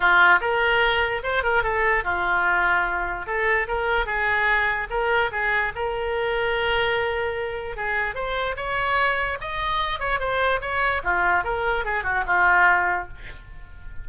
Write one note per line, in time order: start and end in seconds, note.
0.00 0.39 F4
0.40 1.22 A#4
1.23 1.43 C5
1.43 1.63 A#4
1.63 2.04 A4
2.04 3.26 F4
3.26 3.67 A4
3.67 4.05 A#4
4.05 4.87 G#4
4.90 5.31 A#4
5.31 5.72 G#4
5.75 7.76 A#4
7.76 8.14 G#4
8.14 8.55 C5
8.56 9.38 C#5
9.40 9.99 D#5
9.99 10.19 C#5
10.19 10.60 C5
10.61 11.02 C#5
11.03 11.44 F4
11.44 11.84 A#4
11.84 12.03 G#4
12.03 12.23 F#4
12.26 13.07 F4